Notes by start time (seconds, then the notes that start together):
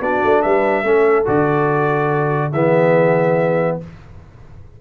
0.00 B3 D4 F#4 D5
0.23 A3
0.42 G3 B4 E5
0.83 A3 C#4 A4
1.25 D3 F#4 D5
2.51 E3 B3 G#4 E5